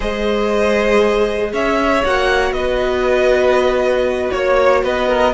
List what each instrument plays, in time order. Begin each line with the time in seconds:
0.00 cello G#3, viola G#4, violin C5 D#5
1.52 cello C#4, violin C#5 E5
2.04 cello A#3, viola F#4, violin F#5
2.51 cello B3, violin B4 D#5
4.31 cello A#3, violin C#5
4.83 cello B3, violin B4 D#5
5.08 violin A#4